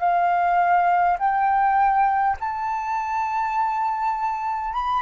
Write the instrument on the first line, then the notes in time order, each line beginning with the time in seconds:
flute
0.00 F5
1.19 G5
2.40 A5
4.73 B5